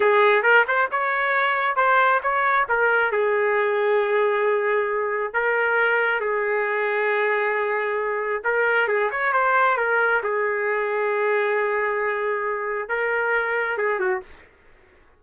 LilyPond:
\new Staff \with { instrumentName = "trumpet" } { \time 4/4 \tempo 4 = 135 gis'4 ais'8 c''8 cis''2 | c''4 cis''4 ais'4 gis'4~ | gis'1 | ais'2 gis'2~ |
gis'2. ais'4 | gis'8 cis''8 c''4 ais'4 gis'4~ | gis'1~ | gis'4 ais'2 gis'8 fis'8 | }